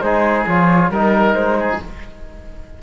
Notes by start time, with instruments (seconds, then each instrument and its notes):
0.00 cello G#3, trombone D#4, oboe G#4, flute C5
0.46 cello F3, trombone F4, flute C#5
0.89 cello G3, trombone D#4, oboe A#4, flute A#4
1.33 cello G#3, flute C5
1.59 oboe G#4